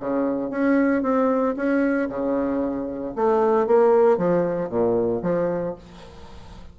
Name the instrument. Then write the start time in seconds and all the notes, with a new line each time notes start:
bassoon
0.00 C#3
0.50 C#4
1.03 C4
1.56 C#4
2.09 C#3
3.16 A3
3.67 A#3
4.17 F3
4.69 A#2
5.22 F3